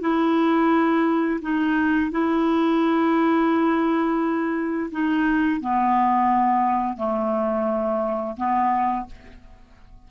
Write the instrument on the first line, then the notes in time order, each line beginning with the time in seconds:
clarinet
0.00 E4
1.41 D#4
2.11 E4
4.91 D#4
5.60 B3
6.96 A3
8.36 B3